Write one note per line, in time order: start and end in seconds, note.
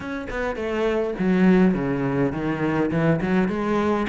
0.00 0.27 C#4
0.29 0.55 B3
0.55 1.14 A3
1.18 1.74 F#3
1.74 2.32 C#3
2.32 2.90 D#3
2.90 3.19 E3
3.21 3.48 F#3
3.48 4.06 G#3